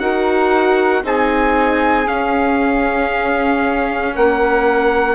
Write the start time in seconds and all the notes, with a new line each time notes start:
0.00 D#4 F#4 A#4 F#5
1.03 C4 D#4 G#4 G#5
2.06 C#4 F5
4.14 A#3 A#4 F#5